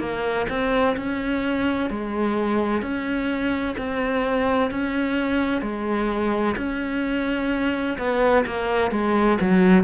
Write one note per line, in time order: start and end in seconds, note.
0.00 0.47 A#3
0.49 0.96 C4
0.97 1.90 C#4
1.90 2.82 G#3
2.82 3.76 C#4
3.78 4.71 C4
4.71 5.62 C#4
5.62 6.56 G#3
6.57 7.98 C#4
7.98 8.45 B3
8.47 8.91 A#3
8.91 9.38 G#3
9.41 9.84 F#3